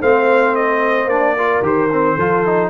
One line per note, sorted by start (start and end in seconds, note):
0.00 1.06 A3
0.00 1.10 C4
0.00 1.35 C5
0.00 0.56 F5
0.56 1.09 D#5
1.06 1.60 A#3
1.06 1.37 D4
1.06 1.63 D5
1.36 1.63 F4
1.36 2.15 A#4
1.62 2.16 D#3
1.62 1.90 G4
1.62 2.70 C5
1.92 2.19 C4
2.15 2.70 F3
2.15 2.46 F4
2.15 2.69 A4
2.46 2.70 D#4